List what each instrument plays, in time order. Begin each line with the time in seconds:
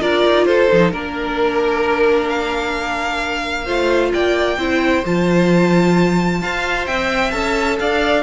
0.00 cello D4, viola F4, violin A#4 D5
0.25 cello D#4
0.45 cello F4, violin A4 C5
0.71 cello F3, viola D#4
0.91 cello A#3, viola D4, violin A#4
2.28 violin F5
3.64 cello A3, viola F4, violin C5
4.13 cello A#3, violin D5 G5
4.57 cello C4, viola E4, violin C5
5.05 cello F3, viola F4, violin A5
6.41 cello F4, viola C5, violin F5
6.85 cello C4, violin E5 G5
7.30 cello C#4, viola A4, violin A5
7.79 cello D4, violin D5 F5